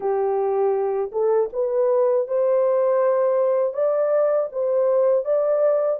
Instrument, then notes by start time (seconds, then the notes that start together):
horn
0.00 G4
1.11 A4
1.52 B4
2.27 C5
3.73 D5
4.52 C5
5.25 D5